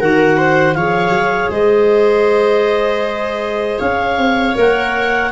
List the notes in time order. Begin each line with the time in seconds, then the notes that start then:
0.00 D#3 F#4 A#4 F#5
0.38 C5
0.74 F3 G#4 C#5 F5
1.10 F#3
1.50 G#3 C5 D#5
3.79 C#4 C#5 F5
4.17 C4
4.56 A#3 A#4 F#5